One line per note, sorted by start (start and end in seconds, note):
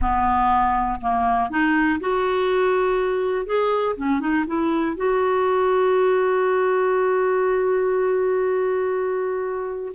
0.01 1.00 B3
1.01 1.50 A#3
1.50 1.99 D#4
2.00 3.46 F#4
3.46 3.95 G#4
3.96 4.19 C#4
4.19 4.44 D#4
4.47 4.96 E4
4.96 9.92 F#4